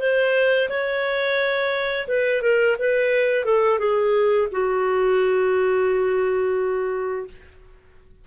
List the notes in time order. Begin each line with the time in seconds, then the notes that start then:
0.00 C5
0.69 C#5
2.08 B4
2.42 A#4
2.79 B4
3.45 A4
3.79 G#4
4.51 F#4